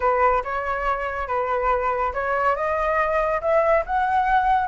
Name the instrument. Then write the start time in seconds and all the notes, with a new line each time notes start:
flute
0.00 B4
0.44 C#5
1.27 B4
2.13 C#5
2.55 D#5
3.41 E5
3.85 F#5